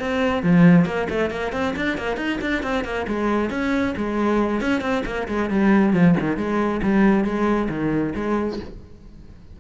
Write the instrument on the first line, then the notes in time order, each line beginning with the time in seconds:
cello
0.00 C4
0.44 F3
0.86 A#3
1.10 A3
1.31 A#3
1.53 C4
1.76 D4
1.98 A#3
2.17 D#4
2.42 D4
2.63 C4
2.85 A#3
3.08 G#3
3.51 C#4
3.97 G#3
4.61 C#4
4.82 C4
5.06 A#3
5.28 G#3
5.50 G3
5.94 F3
6.20 D#3
6.37 G#3
6.83 G3
7.25 G#3
7.70 D#3
8.16 G#3